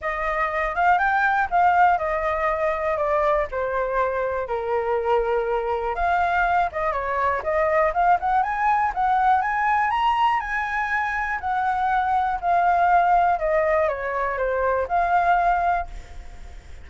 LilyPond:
\new Staff \with { instrumentName = "flute" } { \time 4/4 \tempo 4 = 121 dis''4. f''8 g''4 f''4 | dis''2 d''4 c''4~ | c''4 ais'2. | f''4. dis''8 cis''4 dis''4 |
f''8 fis''8 gis''4 fis''4 gis''4 | ais''4 gis''2 fis''4~ | fis''4 f''2 dis''4 | cis''4 c''4 f''2 | }